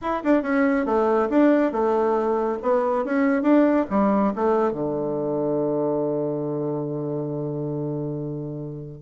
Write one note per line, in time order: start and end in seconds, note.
0.01 0.23 E4
0.23 0.42 D4
0.42 0.85 C#4
0.85 1.28 A3
1.29 1.72 D4
1.72 2.58 A3
2.62 3.05 B3
3.05 3.42 C#4
3.42 3.85 D4
3.90 4.33 G3
4.35 4.71 A3
4.71 9.02 D3